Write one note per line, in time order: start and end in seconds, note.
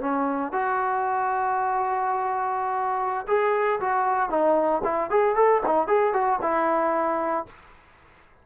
0.00 0.52 C#4
0.52 3.26 F#4
3.28 3.80 G#4
3.80 4.29 F#4
4.29 4.82 D#4
4.84 5.10 E4
5.10 5.35 G#4
5.35 5.61 A4
5.66 5.87 D#4
5.87 6.13 G#4
6.13 6.39 F#4
6.42 7.46 E4